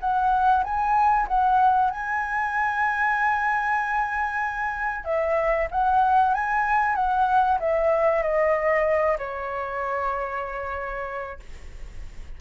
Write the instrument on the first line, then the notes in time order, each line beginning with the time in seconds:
flute
0.00 F#5
0.63 G#5
1.27 F#5
1.90 G#5
5.05 E5
5.71 F#5
6.34 G#5
6.95 F#5
7.60 E5
8.22 D#5
9.18 C#5